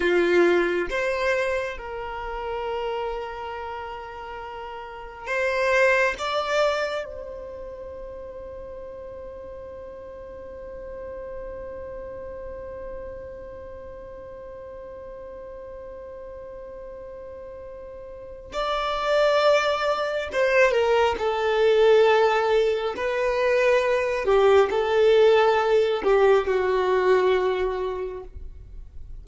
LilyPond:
\new Staff \with { instrumentName = "violin" } { \time 4/4 \tempo 4 = 68 f'4 c''4 ais'2~ | ais'2 c''4 d''4 | c''1~ | c''1~ |
c''1~ | c''4 d''2 c''8 ais'8 | a'2 b'4. g'8 | a'4. g'8 fis'2 | }